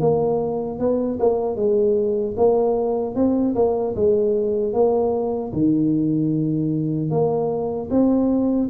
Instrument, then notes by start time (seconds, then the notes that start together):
tuba
0.00 A#3
0.79 B3
1.19 A#3
1.56 G#3
2.37 A#3
3.15 C4
3.55 A#3
3.95 G#3
4.73 A#3
5.53 D#3
7.11 A#3
7.90 C4